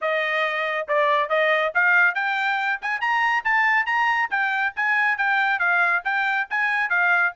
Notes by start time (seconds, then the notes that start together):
0.01 D#5
0.88 D5
1.29 D#5
1.74 F5
2.15 G5
2.81 G#5
3.00 A#5
3.44 A5
3.86 A#5
4.30 G5
4.75 G#5
5.17 G5
5.59 F5
6.04 G5
6.50 G#5
6.89 F5